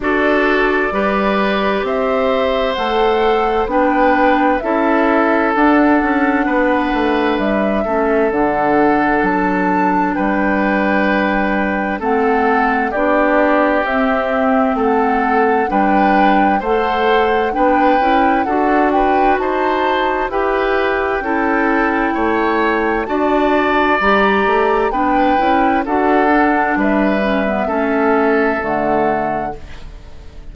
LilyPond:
<<
  \new Staff \with { instrumentName = "flute" } { \time 4/4 \tempo 4 = 65 d''2 e''4 fis''4 | g''4 e''4 fis''2 | e''4 fis''4 a''4 g''4~ | g''4 fis''4 d''4 e''4 |
fis''4 g''4 fis''4 g''4 | fis''8 g''8 a''4 g''2~ | g''4 a''4 ais''4 g''4 | fis''4 e''2 fis''4 | }
  \new Staff \with { instrumentName = "oboe" } { \time 4/4 a'4 b'4 c''2 | b'4 a'2 b'4~ | b'8 a'2~ a'8 b'4~ | b'4 a'4 g'2 |
a'4 b'4 c''4 b'4 | a'8 b'8 c''4 b'4 a'4 | cis''4 d''2 b'4 | a'4 b'4 a'2 | }
  \new Staff \with { instrumentName = "clarinet" } { \time 4/4 fis'4 g'2 a'4 | d'4 e'4 d'2~ | d'8 cis'8 d'2.~ | d'4 c'4 d'4 c'4~ |
c'4 d'4 a'4 d'8 e'8 | fis'2 g'4 e'4~ | e'4 fis'4 g'4 d'8 e'8 | fis'8 d'4 cis'16 b16 cis'4 a4 | }
  \new Staff \with { instrumentName = "bassoon" } { \time 4/4 d'4 g4 c'4 a4 | b4 cis'4 d'8 cis'8 b8 a8 | g8 a8 d4 fis4 g4~ | g4 a4 b4 c'4 |
a4 g4 a4 b8 cis'8 | d'4 dis'4 e'4 cis'4 | a4 d'4 g8 a8 b8 cis'8 | d'4 g4 a4 d4 | }
>>